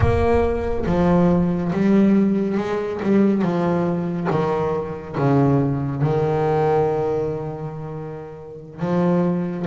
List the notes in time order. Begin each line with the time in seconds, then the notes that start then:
0.00 A#3
0.86 F3
1.72 G3
2.57 G#3
3.02 G3
3.41 F3
4.30 D#3
5.17 C#3
6.01 D#3
8.80 F3